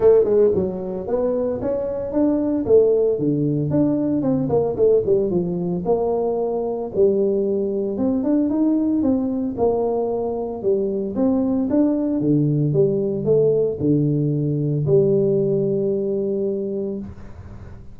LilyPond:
\new Staff \with { instrumentName = "tuba" } { \time 4/4 \tempo 4 = 113 a8 gis8 fis4 b4 cis'4 | d'4 a4 d4 d'4 | c'8 ais8 a8 g8 f4 ais4~ | ais4 g2 c'8 d'8 |
dis'4 c'4 ais2 | g4 c'4 d'4 d4 | g4 a4 d2 | g1 | }